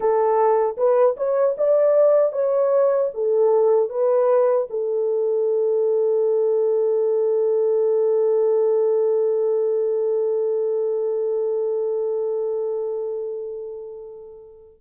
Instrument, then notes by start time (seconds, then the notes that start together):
horn
0.00 A4
0.77 B4
1.16 C#5
1.57 D5
2.32 C#5
3.13 A4
3.89 B4
4.70 A4